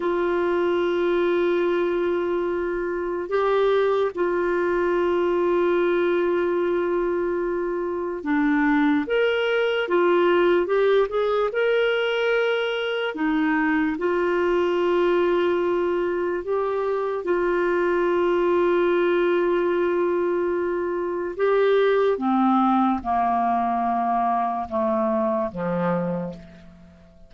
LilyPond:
\new Staff \with { instrumentName = "clarinet" } { \time 4/4 \tempo 4 = 73 f'1 | g'4 f'2.~ | f'2 d'4 ais'4 | f'4 g'8 gis'8 ais'2 |
dis'4 f'2. | g'4 f'2.~ | f'2 g'4 c'4 | ais2 a4 f4 | }